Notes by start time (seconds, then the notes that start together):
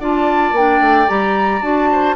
0.00 D4 F4 D5 A5
0.53 A#3 D4 G5
0.81 A3
1.08 G3 G4 A#5
1.62 D4 F#4 A5
1.92 C5